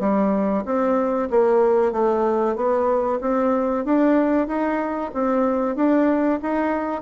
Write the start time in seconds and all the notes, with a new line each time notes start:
0.00 G3
0.66 C4
1.31 A#3
1.92 A3
2.56 B3
3.21 C4
3.85 D4
4.48 D#4
5.14 C4
5.76 D4
6.42 D#4